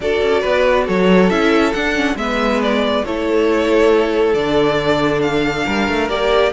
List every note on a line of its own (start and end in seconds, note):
0.00 0.21 D4
0.00 1.30 F#4
0.00 0.41 A4
0.00 0.87 D5
0.21 0.43 C#4
0.41 0.88 B3
0.41 0.84 B4
0.85 1.30 F#3
0.85 2.15 A4
0.85 1.29 C#5
1.29 1.73 C#4
1.29 1.73 E4
1.29 1.72 E5
1.72 2.15 D4
1.72 1.95 D4
1.72 2.16 F#5
1.95 2.16 C#4
2.15 3.02 G#3
2.15 3.04 B3
2.15 3.05 B4
2.15 2.61 E5
2.62 3.05 D5
3.05 4.34 A3
3.05 4.35 E4
3.05 5.65 A4
3.05 4.34 C#5
4.34 5.64 D3
4.34 6.09 D4
4.34 5.20 D5
5.21 6.08 F5
5.65 5.88 G3
5.65 6.52 A#4
5.88 6.09 A3
6.09 6.52 A#3
6.09 6.52 G4
6.09 6.52 D5